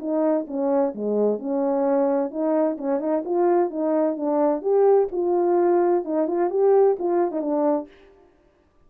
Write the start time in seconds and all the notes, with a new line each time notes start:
0.00 D#4
0.48 C#4
0.95 G#3
1.40 C#4
2.31 D#4
2.78 C#4
3.00 D#4
3.25 F4
3.71 D#4
4.17 D4
4.62 G4
5.12 F4
6.05 D#4
6.28 F4
6.51 G4
7.00 F4
7.32 D#4
7.42 D4